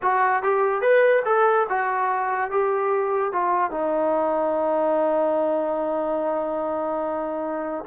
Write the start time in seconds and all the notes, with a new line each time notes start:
0.02 F#4
0.42 G4
0.81 B4
1.25 A4
1.69 F#4
2.51 G4
3.32 F4
3.70 D#4